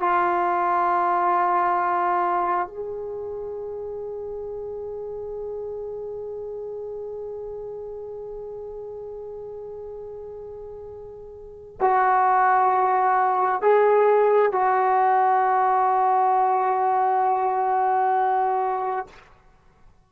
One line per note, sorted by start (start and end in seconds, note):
0.00 2.68 F4
2.68 11.77 G#4
11.81 13.62 F#4
13.62 14.52 G#4
14.52 19.07 F#4